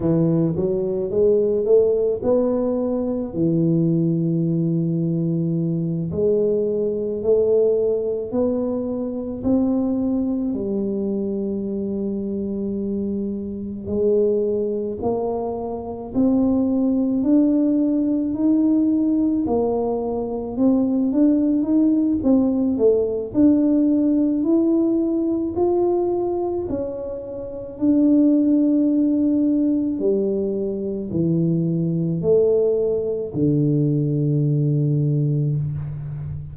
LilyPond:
\new Staff \with { instrumentName = "tuba" } { \time 4/4 \tempo 4 = 54 e8 fis8 gis8 a8 b4 e4~ | e4. gis4 a4 b8~ | b8 c'4 g2~ g8~ | g8 gis4 ais4 c'4 d'8~ |
d'8 dis'4 ais4 c'8 d'8 dis'8 | c'8 a8 d'4 e'4 f'4 | cis'4 d'2 g4 | e4 a4 d2 | }